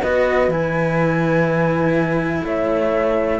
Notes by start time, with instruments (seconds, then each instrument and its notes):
0.00 cello B3 F#4, horn B4, flute D#5
0.48 cello E3 E4, flute G#5
2.44 cello A3, horn C#5, flute E5